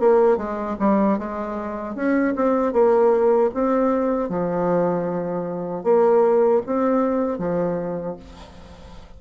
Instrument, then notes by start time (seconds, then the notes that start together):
bassoon
0.00 A#3
0.38 G#3
0.80 G3
1.19 G#3
1.96 C#4
2.36 C4
2.73 A#3
3.55 C4
4.30 F3
5.84 A#3
6.66 C4
7.38 F3